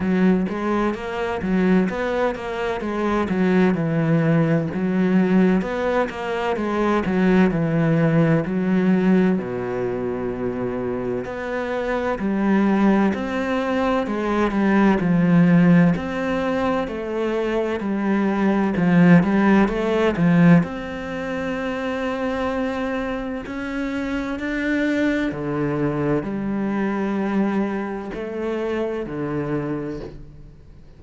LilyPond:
\new Staff \with { instrumentName = "cello" } { \time 4/4 \tempo 4 = 64 fis8 gis8 ais8 fis8 b8 ais8 gis8 fis8 | e4 fis4 b8 ais8 gis8 fis8 | e4 fis4 b,2 | b4 g4 c'4 gis8 g8 |
f4 c'4 a4 g4 | f8 g8 a8 f8 c'2~ | c'4 cis'4 d'4 d4 | g2 a4 d4 | }